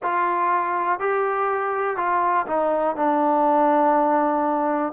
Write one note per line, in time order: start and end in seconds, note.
0.03 0.99 F4
0.99 1.97 G4
1.97 2.46 F4
2.46 2.96 D#4
2.96 4.92 D4